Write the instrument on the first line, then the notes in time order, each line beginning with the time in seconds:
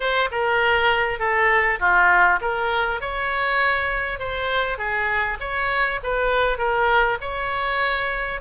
oboe
0.00 C5
0.31 A#4
1.19 A4
1.79 F4
2.41 A#4
3.01 C#5
4.19 C5
4.78 G#4
5.39 C#5
6.03 B4
6.58 A#4
7.20 C#5